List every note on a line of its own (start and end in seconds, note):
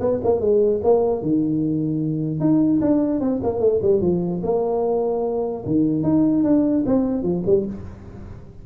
0.00 0.20 B3
0.24 0.40 A#3
0.40 0.80 G#3
0.83 1.22 A#3
1.22 2.40 D#3
2.40 2.80 D#4
2.81 3.20 D4
3.20 3.40 C4
3.43 3.60 A#3
3.60 3.80 A3
3.82 4.01 G3
4.01 4.41 F3
4.43 5.64 A#3
5.65 6.03 D#3
6.03 6.43 D#4
6.43 6.84 D4
6.86 7.22 C4
7.22 7.43 F3
7.46 7.66 G3